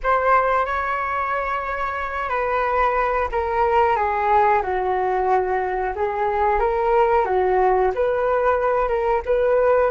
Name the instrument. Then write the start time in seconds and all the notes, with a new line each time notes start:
flute
0.03 C5
0.65 C#5
2.29 B4
3.31 A#4
3.96 G#4
4.62 F#4
5.95 G#4
6.59 A#4
7.25 F#4
7.94 B4
8.88 A#4
9.25 B4